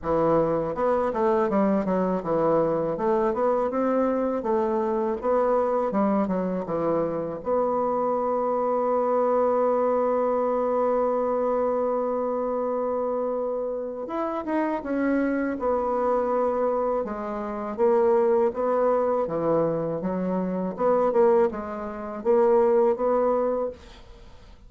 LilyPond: \new Staff \with { instrumentName = "bassoon" } { \time 4/4 \tempo 4 = 81 e4 b8 a8 g8 fis8 e4 | a8 b8 c'4 a4 b4 | g8 fis8 e4 b2~ | b1~ |
b2. e'8 dis'8 | cis'4 b2 gis4 | ais4 b4 e4 fis4 | b8 ais8 gis4 ais4 b4 | }